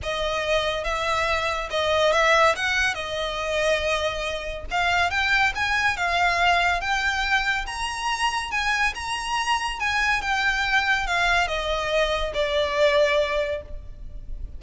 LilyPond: \new Staff \with { instrumentName = "violin" } { \time 4/4 \tempo 4 = 141 dis''2 e''2 | dis''4 e''4 fis''4 dis''4~ | dis''2. f''4 | g''4 gis''4 f''2 |
g''2 ais''2 | gis''4 ais''2 gis''4 | g''2 f''4 dis''4~ | dis''4 d''2. | }